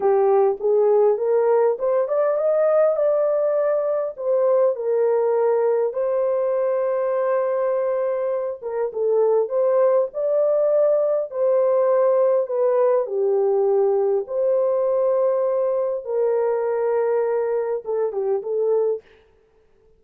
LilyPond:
\new Staff \with { instrumentName = "horn" } { \time 4/4 \tempo 4 = 101 g'4 gis'4 ais'4 c''8 d''8 | dis''4 d''2 c''4 | ais'2 c''2~ | c''2~ c''8 ais'8 a'4 |
c''4 d''2 c''4~ | c''4 b'4 g'2 | c''2. ais'4~ | ais'2 a'8 g'8 a'4 | }